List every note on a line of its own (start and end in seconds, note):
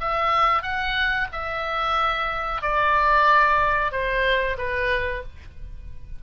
0.00 0.63 E5
0.63 1.28 F#5
1.32 2.61 E5
2.61 3.92 D5
3.92 4.57 C5
4.58 5.23 B4